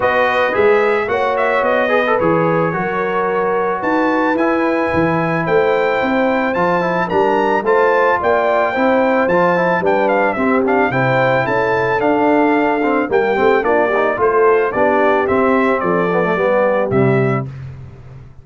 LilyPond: <<
  \new Staff \with { instrumentName = "trumpet" } { \time 4/4 \tempo 4 = 110 dis''4 e''4 fis''8 e''8 dis''4 | cis''2. a''4 | gis''2 g''2 | a''4 ais''4 a''4 g''4~ |
g''4 a''4 g''8 f''8 e''8 f''8 | g''4 a''4 f''2 | g''4 d''4 c''4 d''4 | e''4 d''2 e''4 | }
  \new Staff \with { instrumentName = "horn" } { \time 4/4 b'2 cis''4. b'8~ | b'4 ais'2 b'4~ | b'2 c''2~ | c''4 ais'4 c''4 d''4 |
c''2 b'4 g'4 | c''4 a'2. | g'4 f'8 g'8 a'4 g'4~ | g'4 a'4 g'2 | }
  \new Staff \with { instrumentName = "trombone" } { \time 4/4 fis'4 gis'4 fis'4. gis'16 a'16 | gis'4 fis'2. | e'1 | f'8 e'8 d'4 f'2 |
e'4 f'8 e'8 d'4 c'8 d'8 | e'2 d'4. c'8 | ais8 c'8 d'8 dis'8 f'4 d'4 | c'4. b16 a16 b4 g4 | }
  \new Staff \with { instrumentName = "tuba" } { \time 4/4 b4 gis4 ais4 b4 | e4 fis2 dis'4 | e'4 e4 a4 c'4 | f4 g4 a4 ais4 |
c'4 f4 g4 c'4 | c4 cis'4 d'2 | g8 a8 ais4 a4 b4 | c'4 f4 g4 c4 | }
>>